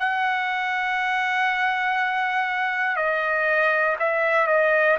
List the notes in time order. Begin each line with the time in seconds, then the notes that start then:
0.00 F#5
2.97 D#5
4.00 E5
4.48 D#5